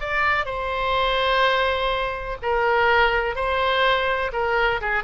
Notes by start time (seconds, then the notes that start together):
0.00 D5
0.45 C5
2.42 A#4
3.35 C5
4.32 A#4
4.81 G#4